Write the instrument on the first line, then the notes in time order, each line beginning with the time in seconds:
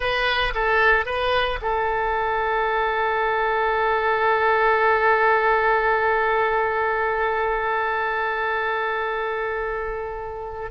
oboe
0.00 B4
0.54 A4
1.05 B4
1.61 A4